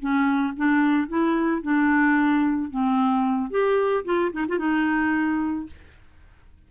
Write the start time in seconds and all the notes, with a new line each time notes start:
0.00 C#4
0.57 D4
1.09 E4
1.63 D4
2.71 C4
3.51 G4
4.05 F4
4.33 D#4
4.49 F4
4.59 D#4